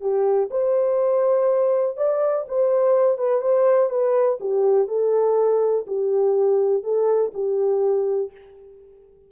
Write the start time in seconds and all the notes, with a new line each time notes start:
0.00 G4
0.50 C5
1.96 D5
2.48 C5
3.18 B4
3.41 C5
3.89 B4
4.40 G4
4.88 A4
5.87 G4
6.83 A4
7.33 G4